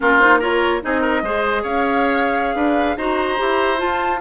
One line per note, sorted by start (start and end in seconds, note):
0.00 0.82 A#3
0.00 0.20 C#4
0.00 0.39 F4
0.00 0.19 A#4
0.19 0.41 D#4
0.19 0.40 C5
0.39 0.81 F4
0.39 0.80 A#4
0.39 0.83 C#5
0.81 1.22 C4
0.81 1.22 D#4
0.81 1.00 G#4
0.81 1.63 D#5
1.00 1.21 A#4
1.22 1.63 G#3
1.22 2.98 G#4
1.22 1.62 C5
1.62 2.55 C#4
1.62 2.55 C#5
1.62 2.96 F5
2.55 2.96 D4
2.55 2.96 B4
2.96 3.38 D#4
2.96 3.37 F#4
2.96 4.20 C5
2.96 3.78 A#5
3.37 3.82 E4
3.37 3.77 G4
3.77 4.18 F4
3.77 4.20 F4
3.77 4.20 A5